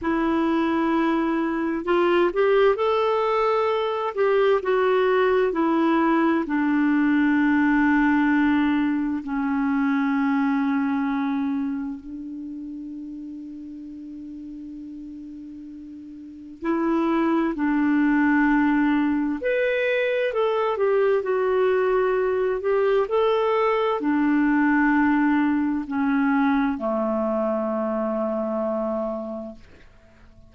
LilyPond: \new Staff \with { instrumentName = "clarinet" } { \time 4/4 \tempo 4 = 65 e'2 f'8 g'8 a'4~ | a'8 g'8 fis'4 e'4 d'4~ | d'2 cis'2~ | cis'4 d'2.~ |
d'2 e'4 d'4~ | d'4 b'4 a'8 g'8 fis'4~ | fis'8 g'8 a'4 d'2 | cis'4 a2. | }